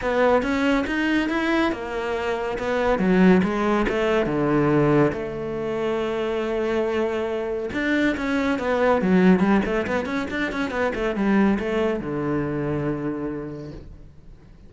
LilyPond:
\new Staff \with { instrumentName = "cello" } { \time 4/4 \tempo 4 = 140 b4 cis'4 dis'4 e'4 | ais2 b4 fis4 | gis4 a4 d2 | a1~ |
a2 d'4 cis'4 | b4 fis4 g8 a8 b8 cis'8 | d'8 cis'8 b8 a8 g4 a4 | d1 | }